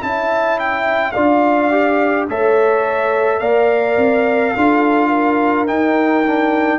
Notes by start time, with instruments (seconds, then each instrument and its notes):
0.00 tuba C#4, trombone E4, horn E5, trumpet A5
0.59 trumpet G5
1.12 tuba D4, trombone F4, horn D5, trumpet F5
1.71 trombone G4
2.28 tuba A3, trombone A4, horn C#5, trumpet E5
3.39 tuba A#3, trombone A#4, horn D5, trumpet F5
3.97 tuba C4
4.55 tuba D4, trombone F4, horn A4
5.08 horn A#4
5.67 trombone D#4, tuba D#4, trumpet G5
6.27 trombone D4